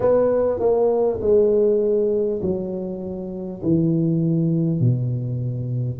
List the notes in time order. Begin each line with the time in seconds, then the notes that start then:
0.00 B3
0.59 A#3
1.21 G#3
2.42 F#3
3.62 E3
4.79 B2